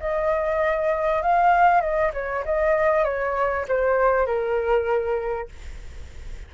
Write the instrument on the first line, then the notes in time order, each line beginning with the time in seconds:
flute
0.00 D#5
1.22 F5
1.81 D#5
2.14 C#5
2.45 D#5
3.04 C#5
3.68 C5
4.27 A#4